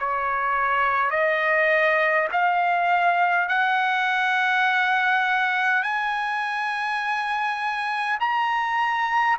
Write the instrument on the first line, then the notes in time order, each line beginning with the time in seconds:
trumpet
0.00 C#5
1.11 D#5
2.33 F5
3.49 F#5
5.83 G#5
8.20 A#5